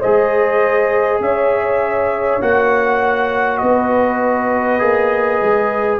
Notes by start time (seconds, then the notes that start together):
0.00 G#3 G#4 C5 D#5
1.20 C#4 C#5 E5
2.41 A#3 F#4 F#5
3.58 B3 B4 D#5
4.79 A#3 G#4
5.42 G#3